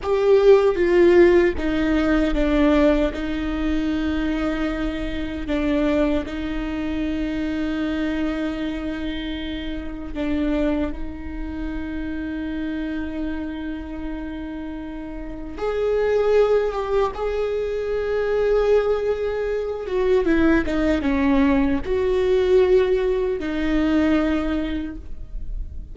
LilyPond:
\new Staff \with { instrumentName = "viola" } { \time 4/4 \tempo 4 = 77 g'4 f'4 dis'4 d'4 | dis'2. d'4 | dis'1~ | dis'4 d'4 dis'2~ |
dis'1 | gis'4. g'8 gis'2~ | gis'4. fis'8 e'8 dis'8 cis'4 | fis'2 dis'2 | }